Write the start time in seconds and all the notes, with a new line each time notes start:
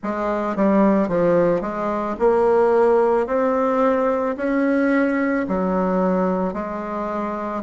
0.03 G#3
0.56 G3
1.08 F3
1.61 G#3
2.19 A#3
3.27 C4
4.36 C#4
5.47 F#3
6.53 G#3